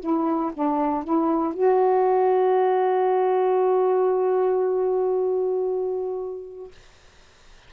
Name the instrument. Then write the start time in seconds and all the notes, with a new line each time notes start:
saxophone
0.00 E4
0.54 D4
1.04 E4
1.54 F#4